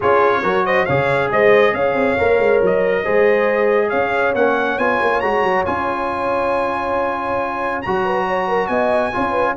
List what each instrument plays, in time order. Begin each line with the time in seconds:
0.00 tuba C#4, trombone F4, horn G#4, trumpet C#5
0.43 tuba F#3, trombone F#4, horn A#4
0.65 horn C5, trumpet D#5
0.85 tuba C#3, trombone G#4, horn C#5, trumpet F5
1.31 tuba G#3, horn C5, trumpet D#5
1.73 tuba C#4, horn C#5, trumpet F5
1.94 tuba C4
2.18 tuba A#3, trombone A#4
2.39 tuba G#3
2.62 tuba F#3, trumpet D#5
3.03 tuba G#3, trombone G#4, horn C5
3.89 tuba C#4, horn C#5, trumpet F5
4.34 tuba A#3, trombone C#4, trumpet F#5
4.78 tuba B3, trombone F4, trumpet G#5
5.01 tuba A#3
5.20 tuba G#3, trombone F#4, trumpet A#5
5.42 tuba F#3
5.65 tuba C#4, trombone F4, trumpet G#5
7.82 tuba F#3, trombone F#4, trumpet A#5
8.04 horn B4
8.27 horn C#5
8.47 horn A#4
8.67 tuba B3, horn D#5, trumpet G#5
9.12 tuba C#4, trombone F4, horn C#5
9.30 horn B4